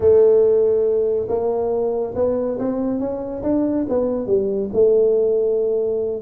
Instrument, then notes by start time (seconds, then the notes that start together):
tuba
0.00 A3
1.28 A#3
2.15 B3
2.58 C4
2.99 C#4
3.43 D4
3.88 B3
4.26 G3
4.73 A3